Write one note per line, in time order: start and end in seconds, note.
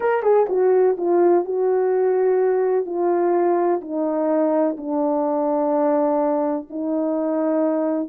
0.00 0.22 A#4
0.22 0.46 G#4
0.49 0.97 F#4
0.97 1.44 F4
1.45 2.85 F#4
2.85 3.80 F4
3.81 4.76 D#4
4.77 6.68 D4
6.69 8.08 D#4